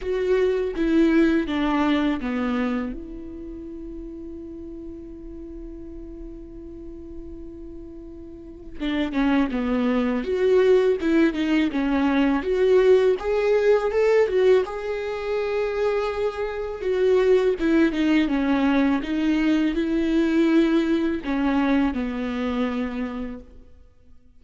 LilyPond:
\new Staff \with { instrumentName = "viola" } { \time 4/4 \tempo 4 = 82 fis'4 e'4 d'4 b4 | e'1~ | e'1 | d'8 cis'8 b4 fis'4 e'8 dis'8 |
cis'4 fis'4 gis'4 a'8 fis'8 | gis'2. fis'4 | e'8 dis'8 cis'4 dis'4 e'4~ | e'4 cis'4 b2 | }